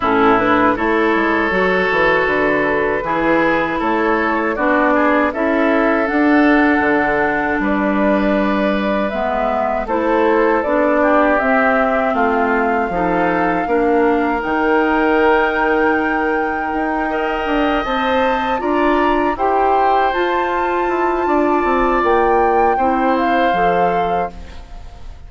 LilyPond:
<<
  \new Staff \with { instrumentName = "flute" } { \time 4/4 \tempo 4 = 79 a'8 b'8 cis''2 b'4~ | b'4 cis''4 d''4 e''4 | fis''2 d''2 | e''4 c''4 d''4 e''4 |
f''2. g''4~ | g''2.~ g''8 a''8~ | a''8 ais''4 g''4 a''4.~ | a''4 g''4. f''4. | }
  \new Staff \with { instrumentName = "oboe" } { \time 4/4 e'4 a'2. | gis'4 a'4 fis'8 gis'8 a'4~ | a'2 b'2~ | b'4 a'4. g'4. |
f'4 a'4 ais'2~ | ais'2~ ais'8 dis''4.~ | dis''8 d''4 c''2~ c''8 | d''2 c''2 | }
  \new Staff \with { instrumentName = "clarinet" } { \time 4/4 cis'8 d'8 e'4 fis'2 | e'2 d'4 e'4 | d'1 | b4 e'4 d'4 c'4~ |
c'4 dis'4 d'4 dis'4~ | dis'2~ dis'8 ais'4 c''8~ | c''8 f'4 g'4 f'4.~ | f'2 e'4 a'4 | }
  \new Staff \with { instrumentName = "bassoon" } { \time 4/4 a,4 a8 gis8 fis8 e8 d4 | e4 a4 b4 cis'4 | d'4 d4 g2 | gis4 a4 b4 c'4 |
a4 f4 ais4 dis4~ | dis2 dis'4 d'8 c'8~ | c'8 d'4 e'4 f'4 e'8 | d'8 c'8 ais4 c'4 f4 | }
>>